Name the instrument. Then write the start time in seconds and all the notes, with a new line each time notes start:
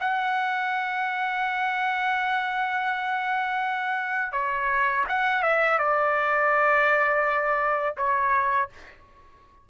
trumpet
0.00 F#5
4.32 C#5
5.08 F#5
5.42 E5
5.79 D5
7.97 C#5